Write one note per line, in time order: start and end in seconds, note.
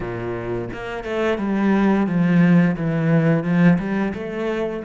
0.00 0.68 A#2
0.73 1.03 A#3
1.03 1.38 A3
1.38 2.07 G3
2.07 2.76 F3
2.76 3.43 E3
3.43 3.77 F3
3.78 4.13 G3
4.14 4.83 A3